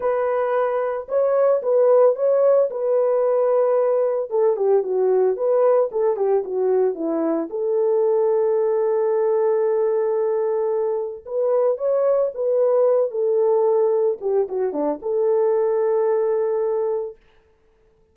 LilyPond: \new Staff \with { instrumentName = "horn" } { \time 4/4 \tempo 4 = 112 b'2 cis''4 b'4 | cis''4 b'2. | a'8 g'8 fis'4 b'4 a'8 g'8 | fis'4 e'4 a'2~ |
a'1~ | a'4 b'4 cis''4 b'4~ | b'8 a'2 g'8 fis'8 d'8 | a'1 | }